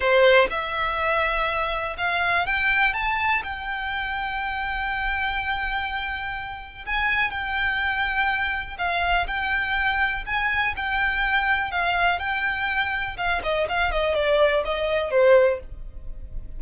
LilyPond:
\new Staff \with { instrumentName = "violin" } { \time 4/4 \tempo 4 = 123 c''4 e''2. | f''4 g''4 a''4 g''4~ | g''1~ | g''2 gis''4 g''4~ |
g''2 f''4 g''4~ | g''4 gis''4 g''2 | f''4 g''2 f''8 dis''8 | f''8 dis''8 d''4 dis''4 c''4 | }